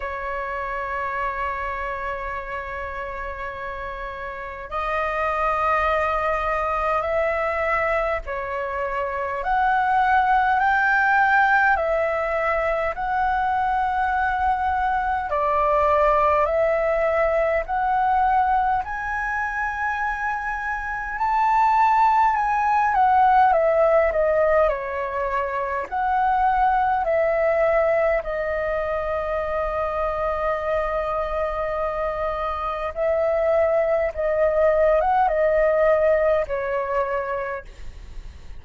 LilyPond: \new Staff \with { instrumentName = "flute" } { \time 4/4 \tempo 4 = 51 cis''1 | dis''2 e''4 cis''4 | fis''4 g''4 e''4 fis''4~ | fis''4 d''4 e''4 fis''4 |
gis''2 a''4 gis''8 fis''8 | e''8 dis''8 cis''4 fis''4 e''4 | dis''1 | e''4 dis''8. fis''16 dis''4 cis''4 | }